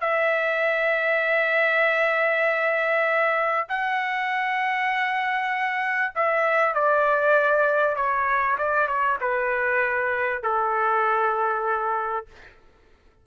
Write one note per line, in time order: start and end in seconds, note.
0.00 3.67 E5
3.68 6.13 F#5
6.15 6.74 E5
6.74 7.96 D5
7.96 8.57 C#5
8.58 8.87 D5
8.87 9.18 C#5
9.20 10.42 B4
10.42 12.26 A4